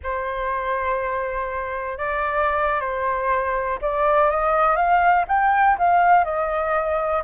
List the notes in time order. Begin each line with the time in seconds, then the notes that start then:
0.03 C5
1.98 D5
2.80 C5
3.81 D5
4.30 D#5
4.76 F5
5.28 G5
5.78 F5
6.24 D#5